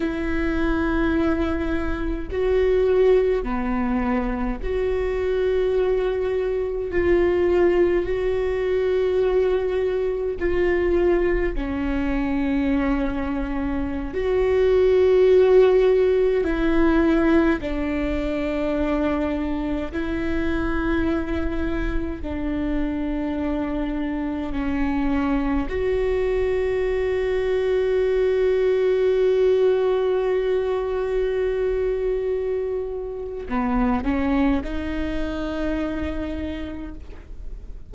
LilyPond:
\new Staff \with { instrumentName = "viola" } { \time 4/4 \tempo 4 = 52 e'2 fis'4 b4 | fis'2 f'4 fis'4~ | fis'4 f'4 cis'2~ | cis'16 fis'2 e'4 d'8.~ |
d'4~ d'16 e'2 d'8.~ | d'4~ d'16 cis'4 fis'4.~ fis'16~ | fis'1~ | fis'4 b8 cis'8 dis'2 | }